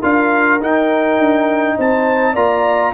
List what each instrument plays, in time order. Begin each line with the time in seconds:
0.00 tuba D4, trombone F4, horn A#4, trumpet F5
0.61 trombone D#4, tuba D#4, trumpet G5
1.19 tuba D4
1.77 tuba C4, horn C5, trumpet A5
2.33 tuba A#3, trombone F4, horn D5, trumpet A#5